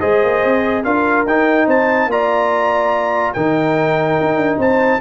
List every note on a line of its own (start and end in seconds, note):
0.00 0.24 G#3
0.00 0.84 G#4
0.00 0.83 C5
0.00 0.84 D#5
0.24 0.45 A#3
0.45 0.85 C4
0.84 1.26 D4
0.84 1.27 F4
0.84 1.67 A#4
0.84 1.26 F5
1.26 1.67 D#4
1.26 2.11 D#4
1.26 1.69 G5
1.67 2.07 C4
1.67 2.08 C5
1.67 2.11 A5
2.07 3.32 A#3
2.07 3.36 F4
2.07 3.35 D5
2.07 3.33 A#5
3.33 4.20 D#3
3.33 5.01 D#4
3.33 4.60 A#4
3.33 4.58 G5
4.21 4.37 D#4
4.37 4.57 D4
4.58 5.00 C4
4.58 5.01 C5
4.58 5.01 A5